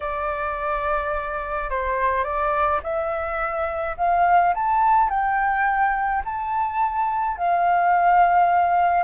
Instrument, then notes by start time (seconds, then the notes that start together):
flute
0.00 D5
1.70 C5
2.24 D5
2.83 E5
3.97 F5
4.54 A5
5.09 G5
6.24 A5
7.37 F5